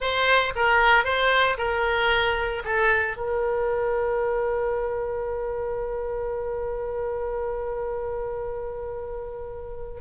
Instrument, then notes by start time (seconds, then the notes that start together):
oboe
0.00 C5
0.55 A#4
1.04 C5
1.57 A#4
2.64 A4
3.17 A#4